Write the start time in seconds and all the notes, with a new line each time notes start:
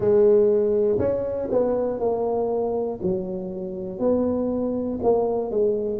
0.00 G#3
0.98 C#4
1.50 B3
2.00 A#3
3.02 F#3
3.99 B3
5.02 A#3
5.50 G#3